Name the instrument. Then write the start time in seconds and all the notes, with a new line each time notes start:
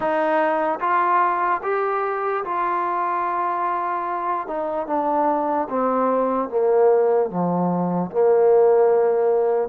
trombone
0.00 D#4
0.80 F4
1.63 G4
2.44 F4
4.47 D#4
4.86 D4
5.69 C4
6.49 A#3
7.30 F3
8.10 A#3